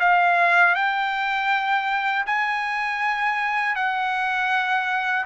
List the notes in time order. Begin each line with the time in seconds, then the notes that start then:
0.00 F5
0.75 G5
2.27 G#5
3.76 F#5